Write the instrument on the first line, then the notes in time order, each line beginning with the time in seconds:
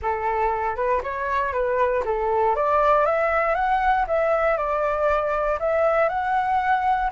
flute
0.02 A4
0.76 B4
1.03 C#5
1.53 B4
2.05 A4
2.55 D5
3.05 E5
3.54 F#5
4.07 E5
4.57 D5
5.59 E5
6.08 F#5